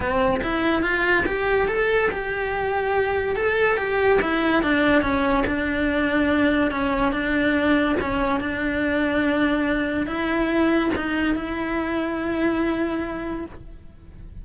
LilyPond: \new Staff \with { instrumentName = "cello" } { \time 4/4 \tempo 4 = 143 c'4 e'4 f'4 g'4 | a'4 g'2. | a'4 g'4 e'4 d'4 | cis'4 d'2. |
cis'4 d'2 cis'4 | d'1 | e'2 dis'4 e'4~ | e'1 | }